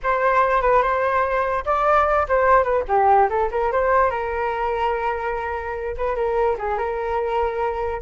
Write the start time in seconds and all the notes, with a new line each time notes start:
0.03 C5
0.61 B4
0.82 C5
1.65 D5
2.28 C5
2.63 B4
2.87 G4
3.29 A4
3.51 A#4
3.72 C5
4.10 A#4
5.97 B4
6.15 A#4
6.58 G#4
6.78 A#4